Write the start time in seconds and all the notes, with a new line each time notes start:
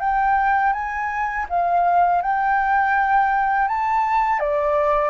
0.00 G5
0.73 G#5
1.49 F5
2.22 G5
3.68 A5
4.40 D5